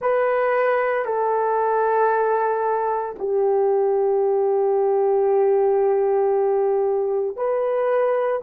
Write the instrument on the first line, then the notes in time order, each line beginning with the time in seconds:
horn
0.00 B4
1.05 A4
3.18 G4
7.36 B4